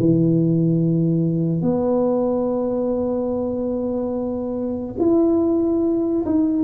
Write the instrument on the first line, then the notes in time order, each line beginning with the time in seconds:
tuba
0.00 E3
1.62 B3
5.00 E4
6.26 D#4